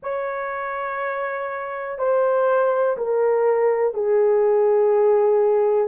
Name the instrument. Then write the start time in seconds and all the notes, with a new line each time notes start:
horn
0.02 C#5
1.98 C5
2.97 A#4
3.93 G#4